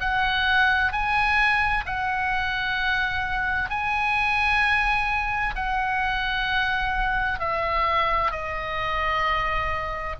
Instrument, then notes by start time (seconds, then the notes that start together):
oboe
0.00 F#5
0.92 G#5
1.85 F#5
3.70 G#5
5.55 F#5
7.39 E5
8.31 D#5